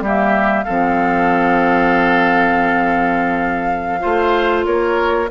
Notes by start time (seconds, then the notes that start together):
0.00 G3 A#3 G4 E5
0.63 F3 C4 A4 F5
4.00 A3 F4 C5
4.65 A#3 A#4 C#5